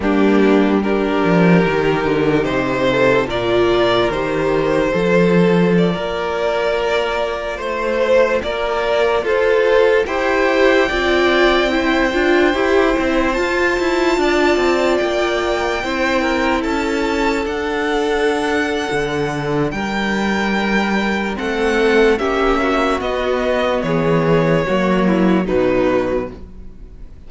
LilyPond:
<<
  \new Staff \with { instrumentName = "violin" } { \time 4/4 \tempo 4 = 73 g'4 ais'2 c''4 | d''4 c''2 d''4~ | d''4~ d''16 c''4 d''4 c''8.~ | c''16 g''2.~ g''8.~ |
g''16 a''2 g''4.~ g''16~ | g''16 a''4 fis''2~ fis''8. | g''2 fis''4 e''4 | dis''4 cis''2 b'4 | }
  \new Staff \with { instrumentName = "violin" } { \time 4/4 d'4 g'2~ g'8 a'8 | ais'2 a'4~ a'16 ais'8.~ | ais'4~ ais'16 c''4 ais'4 a'8.~ | a'16 c''4 d''4 c''4.~ c''16~ |
c''4~ c''16 d''2 c''8 ais'16~ | ais'16 a'2.~ a'8. | ais'2 a'4 g'8 fis'8~ | fis'4 gis'4 fis'8 e'8 dis'4 | }
  \new Staff \with { instrumentName = "viola" } { \time 4/4 ais4 d'4 dis'2 | f'4 g'4 f'2~ | f'1~ | f'16 g'4 f'4 e'8 f'8 g'8 e'16~ |
e'16 f'2. e'8.~ | e'4~ e'16 d'2~ d'8.~ | d'2 c'4 cis'4 | b2 ais4 fis4 | }
  \new Staff \with { instrumentName = "cello" } { \time 4/4 g4. f8 dis8 d8 c4 | ais,4 dis4 f4~ f16 ais8.~ | ais4~ ais16 a4 ais4 f'8.~ | f'16 e'4 c'4. d'8 e'8 c'16~ |
c'16 f'8 e'8 d'8 c'8 ais4 c'8.~ | c'16 cis'4 d'4.~ d'16 d4 | g2 a4 ais4 | b4 e4 fis4 b,4 | }
>>